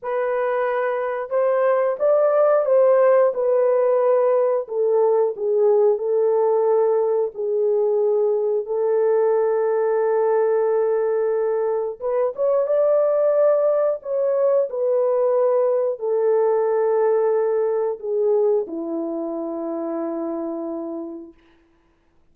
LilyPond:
\new Staff \with { instrumentName = "horn" } { \time 4/4 \tempo 4 = 90 b'2 c''4 d''4 | c''4 b'2 a'4 | gis'4 a'2 gis'4~ | gis'4 a'2.~ |
a'2 b'8 cis''8 d''4~ | d''4 cis''4 b'2 | a'2. gis'4 | e'1 | }